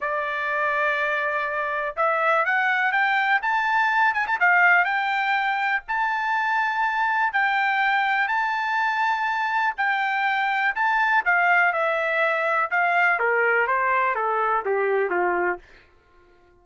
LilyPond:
\new Staff \with { instrumentName = "trumpet" } { \time 4/4 \tempo 4 = 123 d''1 | e''4 fis''4 g''4 a''4~ | a''8 gis''16 a''16 f''4 g''2 | a''2. g''4~ |
g''4 a''2. | g''2 a''4 f''4 | e''2 f''4 ais'4 | c''4 a'4 g'4 f'4 | }